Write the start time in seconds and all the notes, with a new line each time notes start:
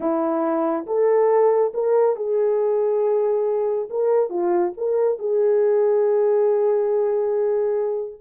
0.00 E4
0.86 A4
1.73 A#4
2.16 G#4
3.90 A#4
4.29 F4
4.77 A#4
5.18 G#4